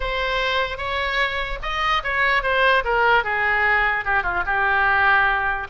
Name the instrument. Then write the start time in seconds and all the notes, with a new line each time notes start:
oboe
0.00 C5
0.77 C#5
1.62 D#5
2.03 C#5
2.43 C5
2.84 A#4
3.24 G#4
4.04 G4
4.23 F4
4.46 G4